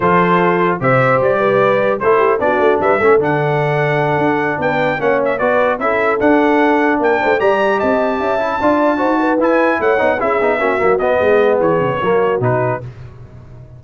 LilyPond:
<<
  \new Staff \with { instrumentName = "trumpet" } { \time 4/4 \tempo 4 = 150 c''2 e''4 d''4~ | d''4 c''4 d''4 e''4 | fis''2.~ fis''8 g''8~ | g''8 fis''8 e''8 d''4 e''4 fis''8~ |
fis''4. g''4 ais''4 a''8~ | a''2.~ a''8 gis''8~ | gis''8 fis''4 e''2 dis''8~ | dis''4 cis''2 b'4 | }
  \new Staff \with { instrumentName = "horn" } { \time 4/4 a'2 c''4. b'8~ | b'4 a'8 g'8 fis'4 b'8 a'8~ | a'2.~ a'8 b'8~ | b'8 cis''4 b'4 a'4.~ |
a'4. ais'8 c''8 d''4 dis''8~ | dis''8 e''4 d''4 c''8 b'4~ | b'8 cis''4 gis'4 fis'4. | gis'2 fis'2 | }
  \new Staff \with { instrumentName = "trombone" } { \time 4/4 f'2 g'2~ | g'4 e'4 d'4. cis'8 | d'1~ | d'8 cis'4 fis'4 e'4 d'8~ |
d'2~ d'8 g'4.~ | g'4 e'8 f'4 fis'4 e'8~ | e'4 dis'8 e'8 dis'8 cis'8 ais8 b8~ | b2 ais4 dis'4 | }
  \new Staff \with { instrumentName = "tuba" } { \time 4/4 f2 c4 g4~ | g4 a4 b8 a8 g8 a8 | d2~ d8 d'4 b8~ | b8 ais4 b4 cis'4 d'8~ |
d'4. ais8 a8 g4 c'8~ | c'8 cis'4 d'4 dis'4 e'8~ | e'8 a8 b8 cis'8 b8 ais8 fis8 b8 | gis4 e8 cis8 fis4 b,4 | }
>>